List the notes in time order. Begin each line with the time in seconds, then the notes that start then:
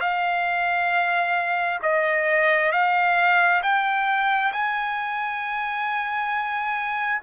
0.00 F5
1.82 D#5
2.72 F5
3.62 G5
4.52 G#5